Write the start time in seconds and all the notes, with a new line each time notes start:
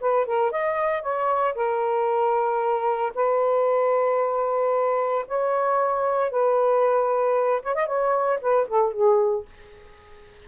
0.00 B4
0.26 A#4
0.51 D#5
1.01 C#5
1.54 A#4
3.14 B4
5.27 C#5
6.30 B4
7.62 C#5
7.74 D#5
7.86 C#5
8.41 B4
8.67 A4
8.92 G#4